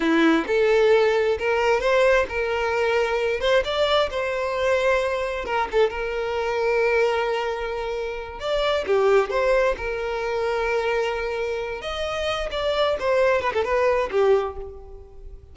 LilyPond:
\new Staff \with { instrumentName = "violin" } { \time 4/4 \tempo 4 = 132 e'4 a'2 ais'4 | c''4 ais'2~ ais'8 c''8 | d''4 c''2. | ais'8 a'8 ais'2.~ |
ais'2~ ais'8 d''4 g'8~ | g'8 c''4 ais'2~ ais'8~ | ais'2 dis''4. d''8~ | d''8 c''4 b'16 a'16 b'4 g'4 | }